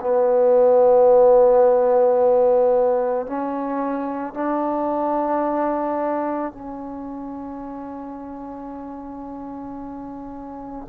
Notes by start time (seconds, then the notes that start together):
0.00 B3
3.26 C#4
4.33 D4
6.52 C#4